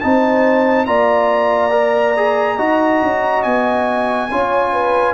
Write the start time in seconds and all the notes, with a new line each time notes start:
0.00 C4 D#4 C5 A5
0.86 A#3 F4 D5 A#5
1.71 A#4
2.16 G#4
2.57 D#4 F#4 D#5
3.02 C#4
3.43 B3 G#5
4.31 C#4 F4 C#5
4.73 B4